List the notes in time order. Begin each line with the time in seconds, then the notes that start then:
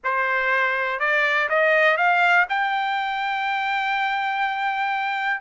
0.04 C5
0.99 D5
1.49 D#5
1.97 F5
2.49 G5